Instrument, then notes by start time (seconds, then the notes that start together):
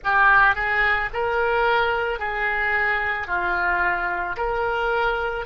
oboe
0.03 G4
0.55 G#4
1.13 A#4
2.19 G#4
3.27 F4
4.36 A#4